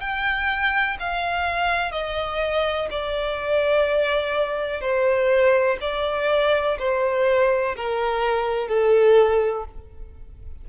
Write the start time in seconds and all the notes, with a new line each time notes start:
0.00 G5
0.99 F5
1.91 D#5
2.90 D5
4.80 C5
5.81 D5
6.78 C5
7.76 A#4
8.68 A4